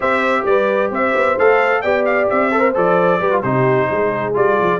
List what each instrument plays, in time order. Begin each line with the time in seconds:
0.00 tuba C4, trombone G4, horn C5, trumpet E5
0.45 tuba G3, horn B4, trumpet D5
0.90 tuba C4, horn C5, trumpet E5
1.14 tuba B3
1.38 tuba A3, trombone A4, trumpet F5
1.81 tuba B3, trombone G4, horn D5, trumpet G5
2.05 trumpet F5
2.29 tuba C4, trumpet E5
2.51 trombone A4, horn C5
2.59 trombone A#4
2.74 tuba F3, trombone A4, trumpet D5
3.20 tuba G3, trombone G4, horn B4
3.31 trombone F4
3.42 tuba C3, trombone D#4, horn G4, trumpet C5
3.90 tuba G#3, horn G#4
4.34 tuba G3, trombone F4, trumpet D5
4.61 tuba F3